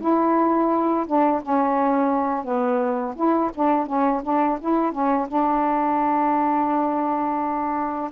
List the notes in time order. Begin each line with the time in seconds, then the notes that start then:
0.00 E4
1.07 D4
1.43 C#4
2.44 B3
3.15 E4
3.55 D4
3.86 C#4
4.23 D4
4.60 E4
4.92 C#4
5.27 D4